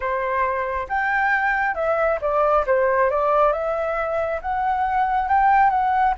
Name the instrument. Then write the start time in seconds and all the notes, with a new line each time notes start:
flute
0.00 C5
0.88 G5
1.74 E5
2.21 D5
2.66 C5
3.10 D5
3.52 E5
4.41 F#5
5.28 G5
5.70 F#5